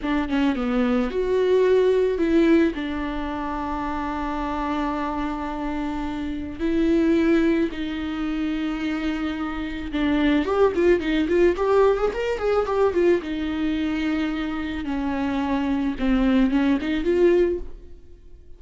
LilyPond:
\new Staff \with { instrumentName = "viola" } { \time 4/4 \tempo 4 = 109 d'8 cis'8 b4 fis'2 | e'4 d'2.~ | d'1 | e'2 dis'2~ |
dis'2 d'4 g'8 f'8 | dis'8 f'8 g'8. gis'16 ais'8 gis'8 g'8 f'8 | dis'2. cis'4~ | cis'4 c'4 cis'8 dis'8 f'4 | }